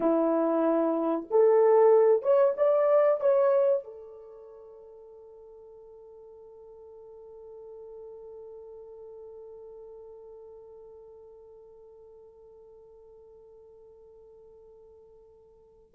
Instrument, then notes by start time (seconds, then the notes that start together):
horn
0.00 E4
1.30 A4
2.22 C#5
2.56 D5
3.20 C#5
3.84 A4